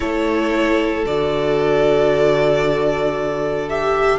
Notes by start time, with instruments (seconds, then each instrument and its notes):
0.00 cello A3, viola E4, violin A4 C#5
1.05 cello D3, viola F#4, violin D5
3.69 viola G4, violin E5